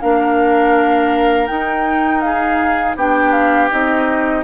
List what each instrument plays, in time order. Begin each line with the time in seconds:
0.00 bassoon A#3, clarinet D4, oboe A#4, flute F5
1.46 clarinet D#4, bassoon D#4, flute G5
2.21 oboe G#4, flute F5
2.96 bassoon B3, clarinet D4, oboe G4, flute G5
3.31 flute F5
3.70 bassoon C4, clarinet D#4, flute D#5